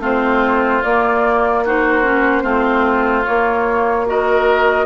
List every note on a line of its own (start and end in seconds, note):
0.00 0.81 A3
0.00 0.83 C4
0.00 1.64 F4
0.00 0.84 C5
0.84 2.44 A#3
0.84 1.66 A#3
0.84 1.65 D5
1.65 2.03 D#4
1.65 2.43 F#4
1.65 3.26 C5
2.03 2.43 C#4
2.43 3.26 A3
2.43 3.24 C4
2.43 4.06 F4
3.26 4.07 A#3
3.26 4.86 A#3
3.26 4.07 C#5
4.07 4.86 F#4
4.07 4.86 A#4
4.07 4.86 D#5